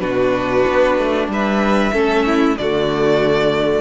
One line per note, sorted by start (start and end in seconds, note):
0.00 0.64 B2
0.00 1.92 D4
0.00 1.29 F#4
0.00 1.28 B4
0.67 0.98 B3
0.98 1.28 A3
1.28 1.92 G3
1.28 1.93 B4
1.28 2.58 E5
1.93 2.57 A3
1.93 2.57 C#4
1.93 2.25 A4
2.26 2.58 E4
2.58 3.81 D3
2.58 3.81 A3
2.58 3.81 F#4
2.58 3.81 D5